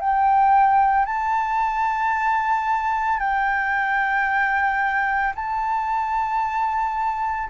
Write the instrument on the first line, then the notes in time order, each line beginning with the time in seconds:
flute
0.00 G5
1.06 A5
3.19 G5
5.35 A5